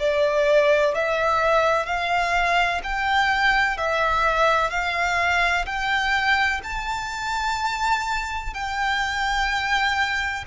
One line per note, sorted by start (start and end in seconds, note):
0.00 0.95 D5
0.95 1.86 E5
1.86 2.81 F5
2.84 3.78 G5
3.78 4.71 E5
4.71 5.66 F5
5.66 6.61 G5
6.64 8.55 A5
8.55 10.45 G5